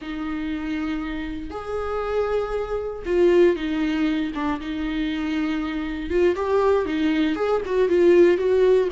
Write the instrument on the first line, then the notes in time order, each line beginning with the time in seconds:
viola
0.01 D#4
1.50 G#4
3.05 F4
3.55 D#4
4.34 D4
4.60 D#4
6.09 F4
6.35 G4
6.85 D#4
7.35 G#4
7.65 F#4
7.89 F4
8.37 F#4